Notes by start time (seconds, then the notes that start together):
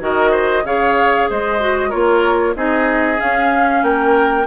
0.00 D#3 F#4 A#4 D#5
0.31 C5
0.64 C#3 G#4 C#5 F5
1.30 G#3 C5 D#5
1.60 F#4
1.90 A#3 F4 A#4 C#5
2.56 C4 D#4 G#4 D#5
3.18 C#4 F5
3.83 A#3 A#4 G5